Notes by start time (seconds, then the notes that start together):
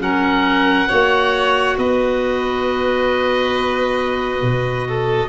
0.00 F#3 C#4 A#4 F#5
0.89 A#3 F#4 C#5
1.78 B3 B4 D#5
4.42 B2
4.88 A4